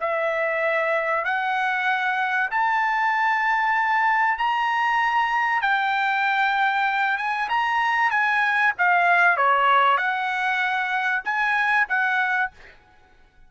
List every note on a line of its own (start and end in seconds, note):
0.00 1.24 E5
1.24 2.49 F#5
2.50 4.38 A5
4.38 5.61 A#5
5.61 7.17 G5
7.17 7.48 G#5
7.49 8.10 A#5
8.10 8.73 G#5
8.78 9.37 F5
9.37 9.97 C#5
9.97 11.22 F#5
11.24 11.87 G#5
11.88 12.51 F#5